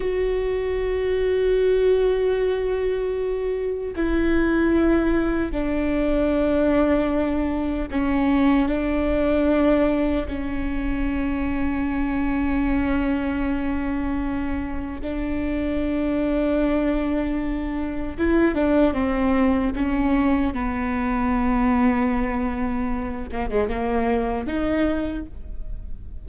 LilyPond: \new Staff \with { instrumentName = "viola" } { \time 4/4 \tempo 4 = 76 fis'1~ | fis'4 e'2 d'4~ | d'2 cis'4 d'4~ | d'4 cis'2.~ |
cis'2. d'4~ | d'2. e'8 d'8 | c'4 cis'4 b2~ | b4. ais16 gis16 ais4 dis'4 | }